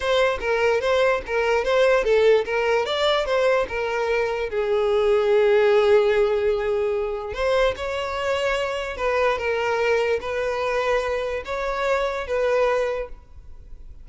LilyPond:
\new Staff \with { instrumentName = "violin" } { \time 4/4 \tempo 4 = 147 c''4 ais'4 c''4 ais'4 | c''4 a'4 ais'4 d''4 | c''4 ais'2 gis'4~ | gis'1~ |
gis'2 c''4 cis''4~ | cis''2 b'4 ais'4~ | ais'4 b'2. | cis''2 b'2 | }